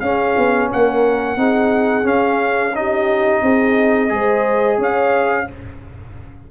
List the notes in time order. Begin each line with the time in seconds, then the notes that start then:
0.00 C#4 G#4 F5
0.37 B3
0.71 A#3 A#4 F#5
1.37 C4 D#4 G#4
2.03 C#4 F5
2.74 D#4 G4 D#5
3.42 C4 G#4
4.09 G#3 G#4 C5
4.78 C#4 C#5 F5